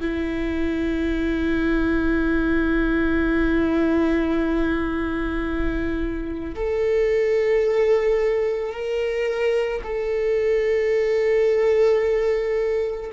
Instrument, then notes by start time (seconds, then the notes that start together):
viola
0.00 E4
6.55 A4
8.72 A#4
9.83 A4